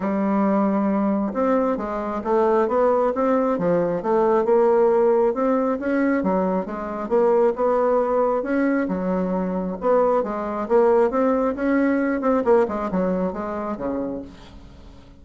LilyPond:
\new Staff \with { instrumentName = "bassoon" } { \time 4/4 \tempo 4 = 135 g2. c'4 | gis4 a4 b4 c'4 | f4 a4 ais2 | c'4 cis'4 fis4 gis4 |
ais4 b2 cis'4 | fis2 b4 gis4 | ais4 c'4 cis'4. c'8 | ais8 gis8 fis4 gis4 cis4 | }